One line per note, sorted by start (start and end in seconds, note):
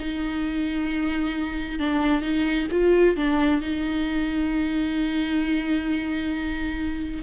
0.00 1.79 D#4
1.79 2.22 D4
2.22 2.67 D#4
2.71 3.17 F4
3.17 3.61 D4
3.61 7.23 D#4